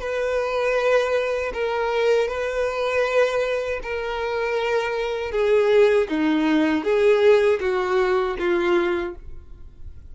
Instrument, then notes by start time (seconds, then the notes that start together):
violin
0.00 B4
1.53 A#4
2.28 B4
3.83 A#4
5.32 G#4
6.09 D#4
6.84 G#4
7.61 F#4
8.39 F4